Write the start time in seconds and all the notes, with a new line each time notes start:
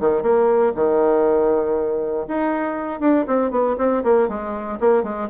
0.00 D#3
0.22 A#3
0.75 D#3
2.28 D#4
3.00 D4
3.27 C4
3.51 B3
3.78 C4
4.03 A#3
4.28 G#3
4.80 A#3
5.03 G#3